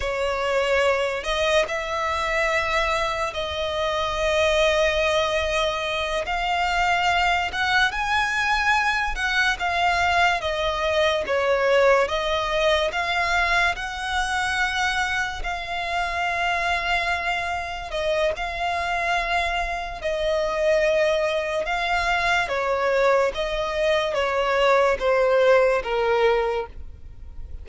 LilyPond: \new Staff \with { instrumentName = "violin" } { \time 4/4 \tempo 4 = 72 cis''4. dis''8 e''2 | dis''2.~ dis''8 f''8~ | f''4 fis''8 gis''4. fis''8 f''8~ | f''8 dis''4 cis''4 dis''4 f''8~ |
f''8 fis''2 f''4.~ | f''4. dis''8 f''2 | dis''2 f''4 cis''4 | dis''4 cis''4 c''4 ais'4 | }